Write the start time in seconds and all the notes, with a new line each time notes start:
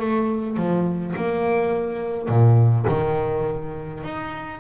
0.00 A3
0.57 F3
1.16 A#3
2.29 A#2
2.89 D#3
4.04 D#4